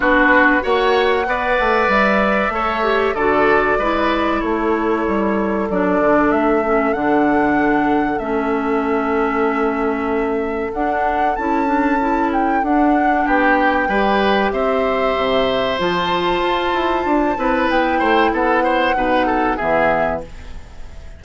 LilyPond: <<
  \new Staff \with { instrumentName = "flute" } { \time 4/4 \tempo 4 = 95 b'4 fis''2 e''4~ | e''4 d''2 cis''4~ | cis''4 d''4 e''4 fis''4~ | fis''4 e''2.~ |
e''4 fis''4 a''4. g''8 | fis''4 g''2 e''4~ | e''4 a''2. | g''4 fis''2 e''4 | }
  \new Staff \with { instrumentName = "oboe" } { \time 4/4 fis'4 cis''4 d''2 | cis''4 a'4 b'4 a'4~ | a'1~ | a'1~ |
a'1~ | a'4 g'4 b'4 c''4~ | c''2.~ c''8 b'8~ | b'8 c''8 a'8 c''8 b'8 a'8 gis'4 | }
  \new Staff \with { instrumentName = "clarinet" } { \time 4/4 d'4 fis'4 b'2 | a'8 g'8 fis'4 e'2~ | e'4 d'4. cis'8 d'4~ | d'4 cis'2.~ |
cis'4 d'4 e'8 d'8 e'4 | d'2 g'2~ | g'4 f'2~ f'8 e'8~ | e'2 dis'4 b4 | }
  \new Staff \with { instrumentName = "bassoon" } { \time 4/4 b4 ais4 b8 a8 g4 | a4 d4 gis4 a4 | g4 fis8 d8 a4 d4~ | d4 a2.~ |
a4 d'4 cis'2 | d'4 b4 g4 c'4 | c4 f4 f'8 e'8 d'8 c'8 | b8 a8 b4 b,4 e4 | }
>>